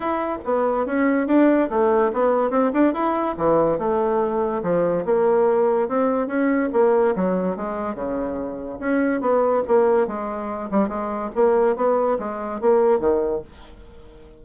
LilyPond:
\new Staff \with { instrumentName = "bassoon" } { \time 4/4 \tempo 4 = 143 e'4 b4 cis'4 d'4 | a4 b4 c'8 d'8 e'4 | e4 a2 f4 | ais2 c'4 cis'4 |
ais4 fis4 gis4 cis4~ | cis4 cis'4 b4 ais4 | gis4. g8 gis4 ais4 | b4 gis4 ais4 dis4 | }